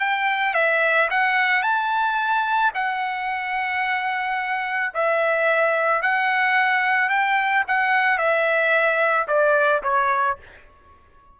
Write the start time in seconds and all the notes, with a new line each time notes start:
0.00 G5
0.54 E5
1.11 F#5
1.63 A5
2.75 F#5
4.94 E5
6.02 F#5
7.10 G5
7.68 F#5
8.18 E5
9.28 D5
9.83 C#5